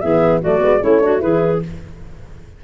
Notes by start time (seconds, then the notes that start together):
0.00 E3 B3 G#4 E5
0.40 F#3 A3 F#4 D5
0.59 G#3 B3
0.81 A3 C#4 E4 C#5
1.00 D4 F#4
1.18 E3 E4 G#4 B4